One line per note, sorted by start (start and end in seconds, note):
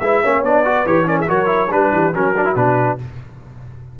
0.00 0.22 G#3
0.00 0.24 E4
0.00 0.22 B4
0.00 0.43 E5
0.22 0.43 A#3
0.22 0.45 C#4
0.22 0.64 C#5
0.43 0.85 B3
0.43 0.64 D4
0.43 0.86 D5
0.64 0.86 F#4
0.64 1.08 B4
0.86 1.28 E3
0.86 1.05 G4
0.86 1.08 C#5
1.05 1.26 C#4
1.05 1.19 A#4
1.05 1.18 D5
1.19 1.28 G#4
1.19 1.30 E5
1.27 1.72 F#3
1.27 1.46 F#4
1.27 1.71 A#4
1.27 1.72 C#5
1.46 1.67 E4
1.70 1.92 G3
1.70 2.13 D4
1.70 2.14 B4
1.70 1.93 B4
1.92 2.13 E3
1.92 2.14 G4
2.14 2.55 F#3
2.14 2.35 C#4
2.14 2.99 F#4
2.14 2.56 A#4
2.37 2.45 D4
2.45 2.55 E4
2.55 2.98 B2
2.55 2.98 D4
2.55 2.98 B4